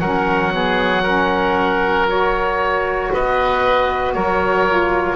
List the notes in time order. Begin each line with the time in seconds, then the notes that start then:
0.00 F#3 C#4 A#4 F#5
0.51 B3 G#4
1.03 C#4 A#4
2.08 F#4 C#5
3.13 B3 B4 D#5
4.13 F#3 A#4 C#5
4.67 F4